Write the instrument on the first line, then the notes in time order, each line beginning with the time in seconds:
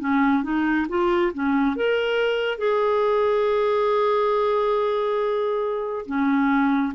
clarinet
0.00 C#4
0.43 D#4
0.89 F4
1.34 C#4
1.76 A#4
2.58 G#4
6.06 C#4